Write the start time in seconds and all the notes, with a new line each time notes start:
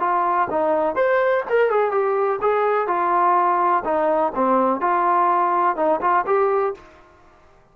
0.00 F4
0.51 D#4
0.96 C5
1.50 A#4
1.70 G#4
1.92 G4
2.42 G#4
2.88 F4
3.85 D#4
4.35 C4
4.81 F4
5.76 D#4
6.01 F4
6.26 G4